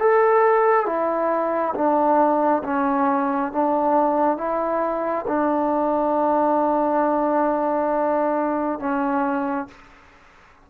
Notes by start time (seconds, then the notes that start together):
0.00 A4
0.86 E4
1.75 D4
2.64 C#4
3.53 D4
4.38 E4
5.28 D4
8.80 C#4